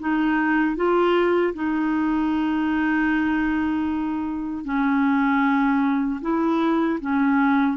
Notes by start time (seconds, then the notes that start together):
0.00 D#4
0.76 F4
1.54 D#4
4.65 C#4
6.22 E4
7.01 C#4